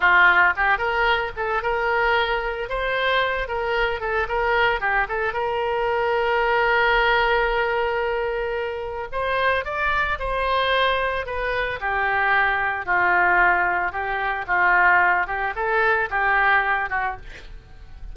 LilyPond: \new Staff \with { instrumentName = "oboe" } { \time 4/4 \tempo 4 = 112 f'4 g'8 ais'4 a'8 ais'4~ | ais'4 c''4. ais'4 a'8 | ais'4 g'8 a'8 ais'2~ | ais'1~ |
ais'4 c''4 d''4 c''4~ | c''4 b'4 g'2 | f'2 g'4 f'4~ | f'8 g'8 a'4 g'4. fis'8 | }